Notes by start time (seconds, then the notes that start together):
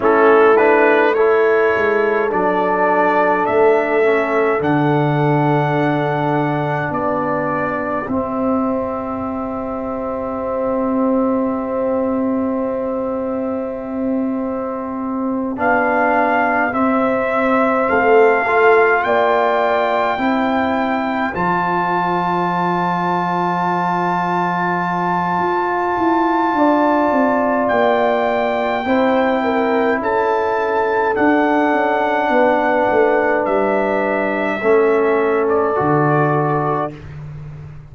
0.00 A3 C#4 E4 A4
0.56 D4 B4
1.14 E4 A4 C#5
1.75 G#3
2.30 F#3 D4 D5
3.45 A3 E5
4.03 C#4
4.59 D3 D4 F#5
6.90 B3 G4 D5
8.07 C4 E5
15.56 B3 D4 F5
16.72 C4 E5
17.88 A3 A4 F5
18.47 F4
19.03 A#3 D5 G5
20.18 C4 E4 C5
21.34 F3 F4 A5
25.38 F4
25.97 E4
26.53 D4 D5
27.11 C4
27.68 A#3 G5
28.85 C4 E4 C5
29.43 A#4
29.99 C#4 A4 A5
31.13 D4 F#5
31.71 C#4
32.29 B3 B4
32.90 A3
33.45 G3 E5
34.61 A3 C#4 A4
35.48 D5
35.75 D3 F#4